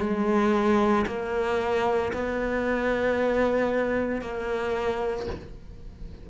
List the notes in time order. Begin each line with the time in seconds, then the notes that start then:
0.00 G#3
1.07 A#3
2.13 B3
4.22 A#3